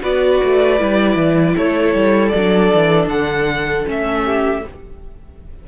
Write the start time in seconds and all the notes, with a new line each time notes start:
0.00 B3 F#4 B4 D5
0.43 A3
0.78 G3 E4
1.16 E3
1.56 A3 A4 C#5
1.94 G3
2.29 F#3 D5
2.37 D4
2.74 E3
3.07 D3 F#5
3.85 A3 C#4 E5
4.24 G4